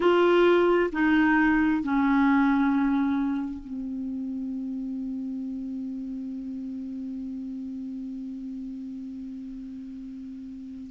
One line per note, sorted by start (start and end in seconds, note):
0.00 0.90 F4
0.92 1.83 D#4
1.83 3.64 C#4
3.64 10.90 C4